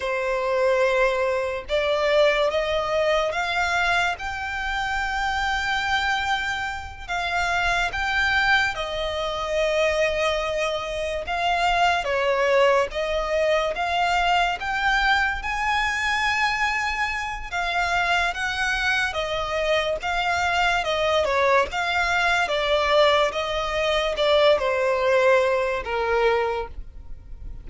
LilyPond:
\new Staff \with { instrumentName = "violin" } { \time 4/4 \tempo 4 = 72 c''2 d''4 dis''4 | f''4 g''2.~ | g''8 f''4 g''4 dis''4.~ | dis''4. f''4 cis''4 dis''8~ |
dis''8 f''4 g''4 gis''4.~ | gis''4 f''4 fis''4 dis''4 | f''4 dis''8 cis''8 f''4 d''4 | dis''4 d''8 c''4. ais'4 | }